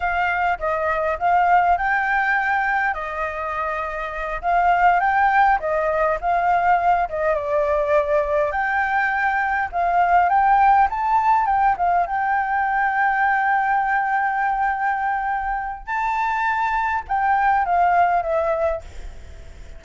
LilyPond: \new Staff \with { instrumentName = "flute" } { \time 4/4 \tempo 4 = 102 f''4 dis''4 f''4 g''4~ | g''4 dis''2~ dis''8 f''8~ | f''8 g''4 dis''4 f''4. | dis''8 d''2 g''4.~ |
g''8 f''4 g''4 a''4 g''8 | f''8 g''2.~ g''8~ | g''2. a''4~ | a''4 g''4 f''4 e''4 | }